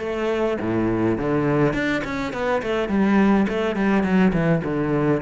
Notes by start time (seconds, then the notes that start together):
0.00 A3
0.61 A2
1.18 D3
1.74 D4
2.05 C#4
2.34 B3
2.63 A3
2.89 G3
3.49 A3
3.76 G3
4.04 F#3
4.33 E3
4.65 D3